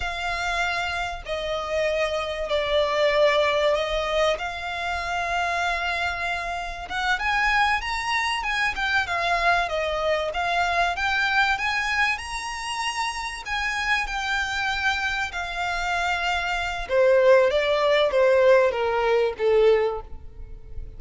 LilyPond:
\new Staff \with { instrumentName = "violin" } { \time 4/4 \tempo 4 = 96 f''2 dis''2 | d''2 dis''4 f''4~ | f''2. fis''8 gis''8~ | gis''8 ais''4 gis''8 g''8 f''4 dis''8~ |
dis''8 f''4 g''4 gis''4 ais''8~ | ais''4. gis''4 g''4.~ | g''8 f''2~ f''8 c''4 | d''4 c''4 ais'4 a'4 | }